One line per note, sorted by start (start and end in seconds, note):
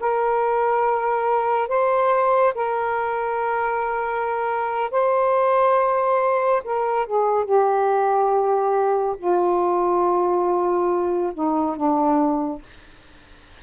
0.00 1.68 A#4
1.68 2.54 C5
2.54 4.90 A#4
4.91 6.62 C5
6.64 7.06 A#4
7.06 7.44 G#4
7.44 9.16 G4
9.18 11.32 F4
11.33 11.76 D#4
11.76 12.62 D4